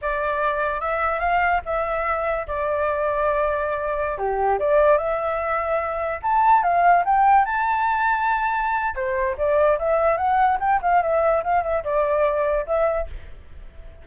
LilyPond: \new Staff \with { instrumentName = "flute" } { \time 4/4 \tempo 4 = 147 d''2 e''4 f''4 | e''2 d''2~ | d''2~ d''16 g'4 d''8.~ | d''16 e''2. a''8.~ |
a''16 f''4 g''4 a''4.~ a''16~ | a''2 c''4 d''4 | e''4 fis''4 g''8 f''8 e''4 | f''8 e''8 d''2 e''4 | }